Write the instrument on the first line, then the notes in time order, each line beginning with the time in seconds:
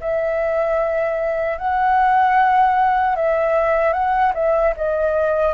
flute
0.00 E5
1.58 F#5
3.15 E5
3.93 F#5
4.34 E5
4.77 D#5